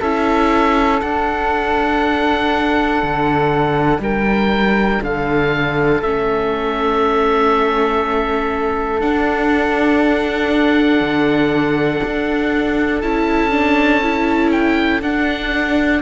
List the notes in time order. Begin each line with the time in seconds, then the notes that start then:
0.00 C#4 E4 A4 E5
1.01 D4 F#5
3.02 D3
3.99 G3 A#4 G5
5.02 D3 A4 F5
6.02 A3 C#4 E5
9.00 D4 F#5
11.00 D3
12.03 D4
13.01 C#4 E4 A5
13.51 D4
14.02 E4
14.52 G5
15.02 D4 F#5